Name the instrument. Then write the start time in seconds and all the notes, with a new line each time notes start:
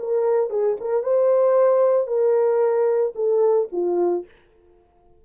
horn
0.00 A#4
0.50 G#4
0.81 A#4
1.04 C5
2.08 A#4
3.16 A4
3.72 F4